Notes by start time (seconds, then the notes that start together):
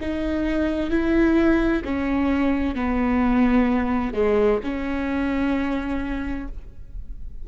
0.00 D#4
0.90 E4
1.84 C#4
2.75 B3
4.13 G#3
4.63 C#4